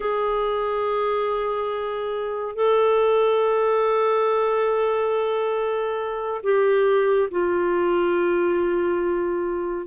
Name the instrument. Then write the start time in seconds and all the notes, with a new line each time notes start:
clarinet
0.00 G#4
2.55 A4
6.43 G4
7.31 F4